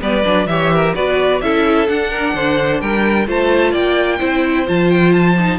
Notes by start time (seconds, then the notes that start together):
0.00 G3 B3 B4 D5
0.24 F#3 D4
0.46 E3 G4 C#5 E5
0.73 A#4
0.94 B3 F#4 B4 D5
1.41 C#4 E4 A4 E5
1.87 D4 F#5
2.10 A#4
2.34 D3 C5
2.80 G3 A#4 G5
3.26 A3 F4 C5 A5
3.71 A#3 D5 G5
4.18 C4 E4 C5
4.66 F3 F4 A5
4.90 G5
5.12 A5
5.38 D#4